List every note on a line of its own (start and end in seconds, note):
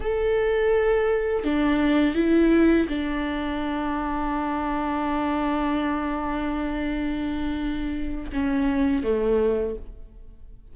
0.00 1.44 A4
1.44 2.14 D4
2.14 2.87 E4
2.88 8.30 D4
8.32 9.03 C#4
9.03 9.75 A3